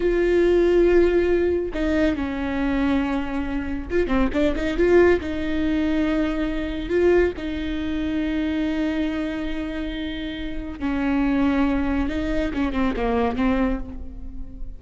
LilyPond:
\new Staff \with { instrumentName = "viola" } { \time 4/4 \tempo 4 = 139 f'1 | dis'4 cis'2.~ | cis'4 f'8 c'8 d'8 dis'8 f'4 | dis'1 |
f'4 dis'2.~ | dis'1~ | dis'4 cis'2. | dis'4 cis'8 c'8 ais4 c'4 | }